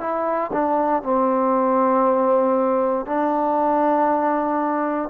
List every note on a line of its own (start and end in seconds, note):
0.00 0.51 E4
0.53 1.03 D4
1.03 3.06 C4
3.06 5.09 D4